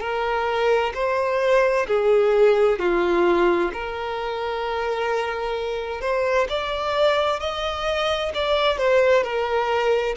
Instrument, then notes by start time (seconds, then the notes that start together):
violin
0.00 A#4
0.94 C5
1.87 G#4
2.79 F4
3.73 A#4
6.01 C5
6.49 D5
7.40 D#5
8.34 D5
8.77 C5
9.23 A#4